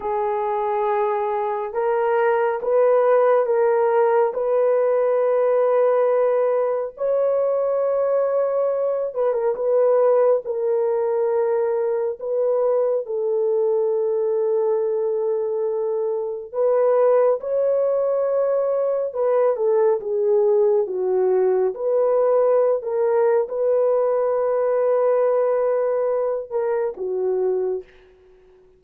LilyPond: \new Staff \with { instrumentName = "horn" } { \time 4/4 \tempo 4 = 69 gis'2 ais'4 b'4 | ais'4 b'2. | cis''2~ cis''8 b'16 ais'16 b'4 | ais'2 b'4 a'4~ |
a'2. b'4 | cis''2 b'8 a'8 gis'4 | fis'4 b'4~ b'16 ais'8. b'4~ | b'2~ b'8 ais'8 fis'4 | }